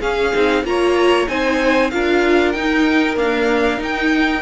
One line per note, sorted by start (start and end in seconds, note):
0.00 0.33 C#4
0.00 0.63 G#4
0.00 0.64 F5
0.34 0.64 C4
0.34 0.65 D#4
0.64 1.27 A#3
0.64 1.28 F4
0.64 1.29 C#5
0.64 1.28 A#5
1.28 1.92 C4
1.28 1.91 D#4
1.28 1.92 C5
1.28 1.90 G#5
1.90 2.55 D4
1.90 2.55 F4
1.90 4.41 A#4
1.90 2.52 F5
2.52 3.17 D#4
2.52 3.16 D#4
2.52 3.15 G5
3.16 3.78 A#3
3.16 3.80 D4
3.16 3.81 F5
3.78 4.41 D#4
3.78 4.41 G5